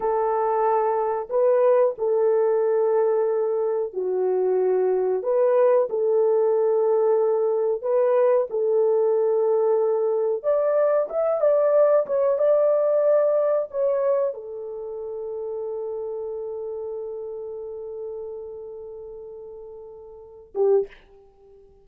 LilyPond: \new Staff \with { instrumentName = "horn" } { \time 4/4 \tempo 4 = 92 a'2 b'4 a'4~ | a'2 fis'2 | b'4 a'2. | b'4 a'2. |
d''4 e''8 d''4 cis''8 d''4~ | d''4 cis''4 a'2~ | a'1~ | a'2.~ a'8 g'8 | }